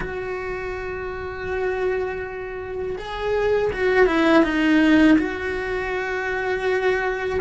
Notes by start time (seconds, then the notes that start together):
0.00 F#4
2.97 G#4
3.72 F#4
4.06 E4
4.43 D#4
5.18 F#4